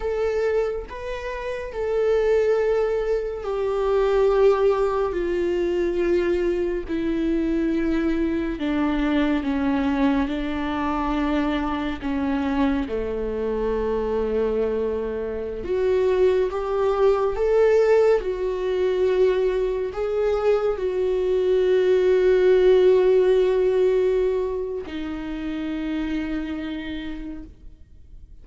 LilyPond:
\new Staff \with { instrumentName = "viola" } { \time 4/4 \tempo 4 = 70 a'4 b'4 a'2 | g'2 f'2 | e'2 d'4 cis'4 | d'2 cis'4 a4~ |
a2~ a16 fis'4 g'8.~ | g'16 a'4 fis'2 gis'8.~ | gis'16 fis'2.~ fis'8.~ | fis'4 dis'2. | }